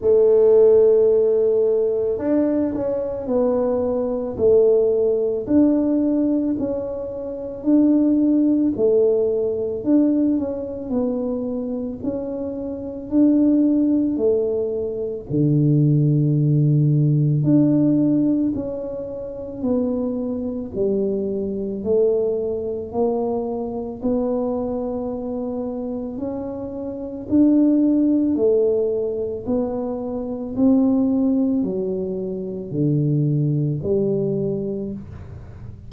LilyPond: \new Staff \with { instrumentName = "tuba" } { \time 4/4 \tempo 4 = 55 a2 d'8 cis'8 b4 | a4 d'4 cis'4 d'4 | a4 d'8 cis'8 b4 cis'4 | d'4 a4 d2 |
d'4 cis'4 b4 g4 | a4 ais4 b2 | cis'4 d'4 a4 b4 | c'4 fis4 d4 g4 | }